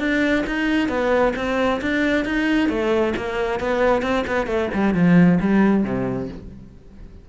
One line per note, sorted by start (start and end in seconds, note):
0.00 0.45 D4
0.47 0.89 D#4
0.89 1.34 B3
1.36 1.81 C4
1.82 2.26 D4
2.26 2.69 D#4
2.69 3.14 A3
3.17 3.60 A#3
3.60 4.03 B3
4.03 4.25 C4
4.27 4.47 B3
4.47 4.70 A3
4.74 4.95 G3
4.95 5.39 F3
5.41 5.84 G3
5.84 6.29 C3